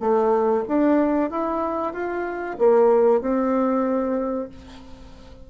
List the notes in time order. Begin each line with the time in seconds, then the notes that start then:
0.00 A3
0.68 D4
1.30 E4
1.93 F4
2.59 A#3
3.21 C4